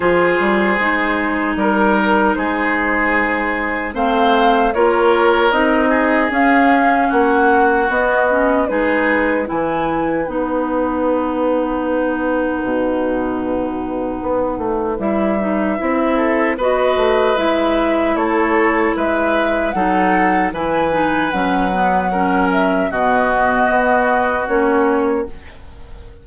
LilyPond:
<<
  \new Staff \with { instrumentName = "flute" } { \time 4/4 \tempo 4 = 76 c''2 ais'4 c''4~ | c''4 f''4 cis''4 dis''4 | f''4 fis''4 dis''4 b'4 | gis''4 fis''2.~ |
fis''2. e''4~ | e''4 dis''4 e''4 cis''4 | e''4 fis''4 gis''4 fis''4~ | fis''8 e''8 dis''2 cis''4 | }
  \new Staff \with { instrumentName = "oboe" } { \time 4/4 gis'2 ais'4 gis'4~ | gis'4 c''4 ais'4. gis'8~ | gis'4 fis'2 gis'4 | b'1~ |
b'1~ | b'8 a'8 b'2 a'4 | b'4 a'4 b'2 | ais'4 fis'2. | }
  \new Staff \with { instrumentName = "clarinet" } { \time 4/4 f'4 dis'2.~ | dis'4 c'4 f'4 dis'4 | cis'2 b8 cis'8 dis'4 | e'4 dis'2.~ |
dis'2. e'8 dis'8 | e'4 fis'4 e'2~ | e'4 dis'4 e'8 dis'8 cis'8 b8 | cis'4 b2 cis'4 | }
  \new Staff \with { instrumentName = "bassoon" } { \time 4/4 f8 g8 gis4 g4 gis4~ | gis4 a4 ais4 c'4 | cis'4 ais4 b4 gis4 | e4 b2. |
b,2 b8 a8 g4 | c'4 b8 a8 gis4 a4 | gis4 fis4 e4 fis4~ | fis4 b,4 b4 ais4 | }
>>